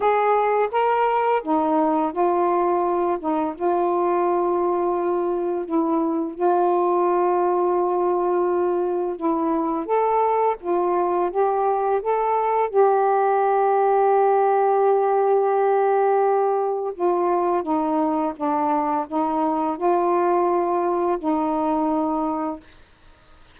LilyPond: \new Staff \with { instrumentName = "saxophone" } { \time 4/4 \tempo 4 = 85 gis'4 ais'4 dis'4 f'4~ | f'8 dis'8 f'2. | e'4 f'2.~ | f'4 e'4 a'4 f'4 |
g'4 a'4 g'2~ | g'1 | f'4 dis'4 d'4 dis'4 | f'2 dis'2 | }